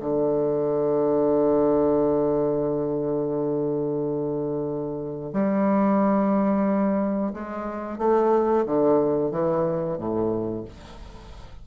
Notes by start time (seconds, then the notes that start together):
0.00 D3
5.33 G3
7.33 G#3
7.98 A3
8.66 D3
9.31 E3
9.98 A2